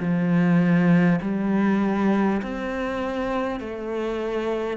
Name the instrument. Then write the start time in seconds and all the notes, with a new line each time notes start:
cello
0.00 F3
1.22 G3
2.42 C4
3.61 A3